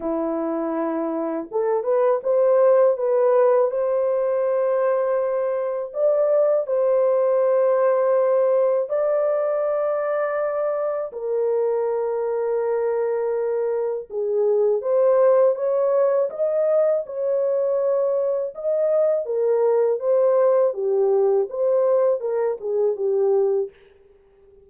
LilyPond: \new Staff \with { instrumentName = "horn" } { \time 4/4 \tempo 4 = 81 e'2 a'8 b'8 c''4 | b'4 c''2. | d''4 c''2. | d''2. ais'4~ |
ais'2. gis'4 | c''4 cis''4 dis''4 cis''4~ | cis''4 dis''4 ais'4 c''4 | g'4 c''4 ais'8 gis'8 g'4 | }